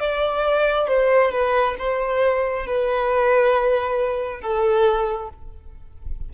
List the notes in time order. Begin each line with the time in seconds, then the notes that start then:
0.00 D5
0.87 C5
1.32 B4
1.78 C5
2.66 B4
4.41 A4